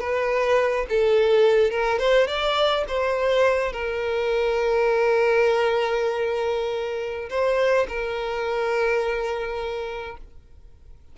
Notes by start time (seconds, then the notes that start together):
0.00 B4
0.89 A4
1.71 A#4
1.99 C5
2.27 D5
2.88 C5
3.72 A#4
7.30 C5
7.88 A#4